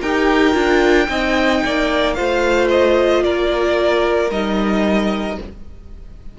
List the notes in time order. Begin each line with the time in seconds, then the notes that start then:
0.00 D#4 G4 A#4 G5
0.53 D4 F4
1.08 C4 D#4 D#5
1.65 A#3 D5
2.14 A3 F4 C5 F5
2.71 D#5
3.24 A#3 A#4 D5
4.31 G3 D#4 D#5